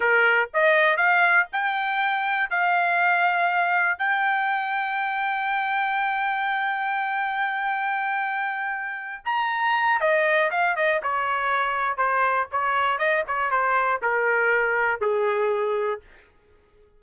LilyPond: \new Staff \with { instrumentName = "trumpet" } { \time 4/4 \tempo 4 = 120 ais'4 dis''4 f''4 g''4~ | g''4 f''2. | g''1~ | g''1~ |
g''2~ g''8 ais''4. | dis''4 f''8 dis''8 cis''2 | c''4 cis''4 dis''8 cis''8 c''4 | ais'2 gis'2 | }